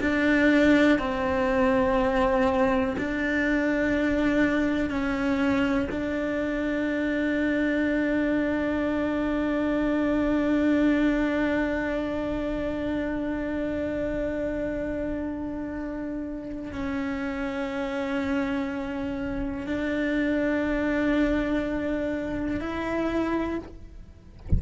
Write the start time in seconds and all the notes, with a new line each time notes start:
0.00 D4
0.99 C4
2.98 D4
4.90 C#4
5.91 D4
16.72 C#4
19.66 D4
22.60 E4